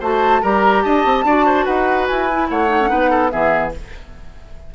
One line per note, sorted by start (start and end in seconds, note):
0.00 0.43 A3
0.00 0.43 F#4
0.00 0.41 C5
0.00 0.42 A5
0.42 0.85 G3
0.42 1.26 G4
0.42 0.84 A#4
0.42 0.83 A#5
0.83 1.05 D4
0.83 1.25 D#5
0.83 1.65 A5
1.05 1.24 C4
1.24 1.65 D4
1.24 2.30 F#4
1.24 1.46 D5
1.46 1.65 C5
1.65 2.09 D#4
1.65 2.48 B4
1.65 2.06 F#5
2.07 2.50 E4
2.07 2.49 G#5
2.31 2.68 E4
2.49 2.92 A3
2.49 2.90 C#5
2.49 3.30 F#5
2.68 2.78 D#4
2.81 2.88 C#4
2.88 3.33 B3
2.88 3.30 D#4
2.88 3.10 B4
3.10 3.31 A4
3.30 3.75 E3
3.30 3.72 B3
3.30 3.74 G#4
3.30 3.72 E5